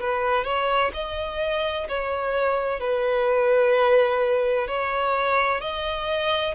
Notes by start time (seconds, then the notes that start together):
0.00 B4
0.44 C#5
0.93 D#5
1.88 C#5
2.80 B4
4.67 C#5
5.61 D#5